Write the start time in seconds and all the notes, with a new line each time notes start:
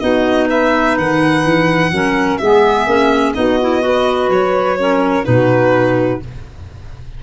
0.00 B3 D#4 F#4 D#5
0.49 B4 E5
0.98 D#3 F#5
1.45 E3
1.92 F#3 C#4 A#4
2.38 G#3 B3 G#4 E5
2.87 A#3 C#4
3.35 B3 D#4 F#4 D#5
3.62 E4
3.82 F#4 B4
4.29 F#3 C#5
4.79 C#4 A#4
5.24 B2 D#4 F#4 B4